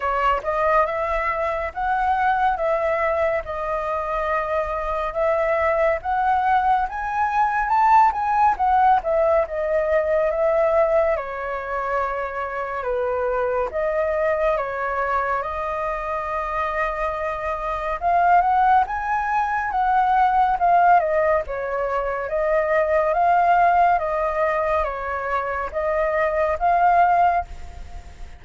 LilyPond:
\new Staff \with { instrumentName = "flute" } { \time 4/4 \tempo 4 = 70 cis''8 dis''8 e''4 fis''4 e''4 | dis''2 e''4 fis''4 | gis''4 a''8 gis''8 fis''8 e''8 dis''4 | e''4 cis''2 b'4 |
dis''4 cis''4 dis''2~ | dis''4 f''8 fis''8 gis''4 fis''4 | f''8 dis''8 cis''4 dis''4 f''4 | dis''4 cis''4 dis''4 f''4 | }